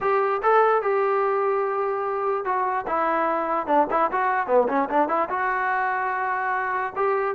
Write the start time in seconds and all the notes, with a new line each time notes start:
0.00 G4
0.42 A4
0.82 G4
2.44 F#4
2.87 E4
3.66 D4
3.90 E4
4.11 F#4
4.47 B3
4.68 C#4
4.89 D4
5.08 E4
5.29 F#4
6.96 G4